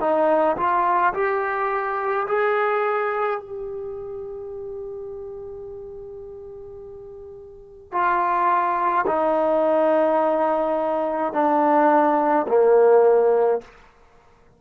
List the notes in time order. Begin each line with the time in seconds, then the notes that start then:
0.00 D#4
0.57 F4
1.14 G4
2.27 G#4
3.40 G4
7.92 F4
9.07 D#4
11.33 D4
12.48 A#3